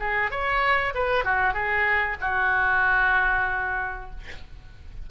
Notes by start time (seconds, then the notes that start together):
0.00 G#4
0.31 C#5
0.95 B4
1.25 F#4
1.54 G#4
2.21 F#4